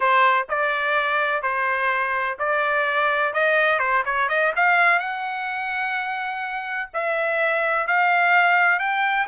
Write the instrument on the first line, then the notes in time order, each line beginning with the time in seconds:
trumpet
0.00 C5
0.49 D5
1.42 C5
2.38 D5
3.33 D#5
3.79 C5
4.05 C#5
4.29 D#5
4.56 F5
4.99 F#5
6.93 E5
7.87 F5
8.79 G5